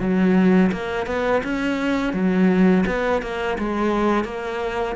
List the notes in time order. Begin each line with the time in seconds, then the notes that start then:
0.00 F#3
0.72 A#3
1.06 B3
1.44 C#4
2.13 F#3
2.87 B3
3.22 A#3
3.59 G#3
4.25 A#3